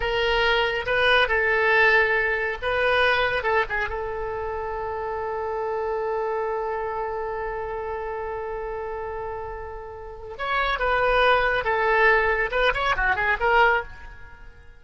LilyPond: \new Staff \with { instrumentName = "oboe" } { \time 4/4 \tempo 4 = 139 ais'2 b'4 a'4~ | a'2 b'2 | a'8 gis'8 a'2.~ | a'1~ |
a'1~ | a'1 | cis''4 b'2 a'4~ | a'4 b'8 cis''8 fis'8 gis'8 ais'4 | }